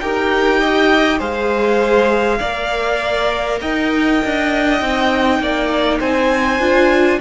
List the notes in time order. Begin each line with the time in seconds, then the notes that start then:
0.00 D#4 G4 A#4 G5
0.60 D#5
1.18 G#3 G#4 C5 F5
2.40 A#3 A#4 D5
3.61 D#4 D#5 G5
4.25 D4
4.79 C4 D#4
5.40 A#3 D5
6.00 C4 C5 G#5
6.59 D4 F4